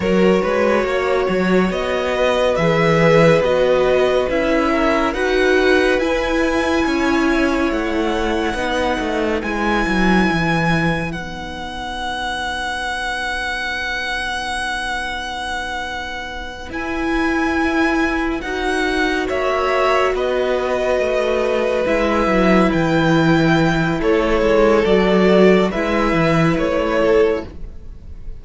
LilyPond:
<<
  \new Staff \with { instrumentName = "violin" } { \time 4/4 \tempo 4 = 70 cis''2 dis''4 e''4 | dis''4 e''4 fis''4 gis''4~ | gis''4 fis''2 gis''4~ | gis''4 fis''2.~ |
fis''2.~ fis''8 gis''8~ | gis''4. fis''4 e''4 dis''8~ | dis''4. e''4 g''4. | cis''4 d''4 e''4 cis''4 | }
  \new Staff \with { instrumentName = "violin" } { \time 4/4 ais'8 b'8 cis''4. b'4.~ | b'4. ais'8 b'2 | cis''2 b'2~ | b'1~ |
b'1~ | b'2~ b'8 cis''4 b'8~ | b'1 | a'2 b'4. a'8 | }
  \new Staff \with { instrumentName = "viola" } { \time 4/4 fis'2. gis'4 | fis'4 e'4 fis'4 e'4~ | e'2 dis'4 e'4~ | e'4 dis'2.~ |
dis'2.~ dis'8 e'8~ | e'4. fis'2~ fis'8~ | fis'4. e'2~ e'8~ | e'4 fis'4 e'2 | }
  \new Staff \with { instrumentName = "cello" } { \time 4/4 fis8 gis8 ais8 fis8 b4 e4 | b4 cis'4 dis'4 e'4 | cis'4 a4 b8 a8 gis8 fis8 | e4 b2.~ |
b2.~ b8 e'8~ | e'4. dis'4 ais4 b8~ | b8 a4 gis8 fis8 e4. | a8 gis8 fis4 gis8 e8 a4 | }
>>